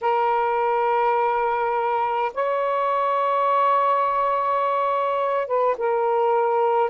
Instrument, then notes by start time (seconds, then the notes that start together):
saxophone
0.01 A#4
2.33 C#5
5.47 B4
5.77 A#4